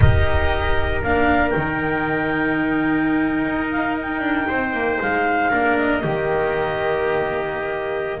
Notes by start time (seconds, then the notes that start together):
0.00 D#4 G4 A#4 D#5
1.03 A#3 D4 F5
1.49 D#4 G5
1.56 D#3
3.46 D#4
3.71 F5
4.01 G5
4.20 D4
4.48 C4 C5
4.73 A#3
5.01 G#3 F5
5.51 A#3 D4 A#4
5.77 D#5
6.02 D#3 A#3 G4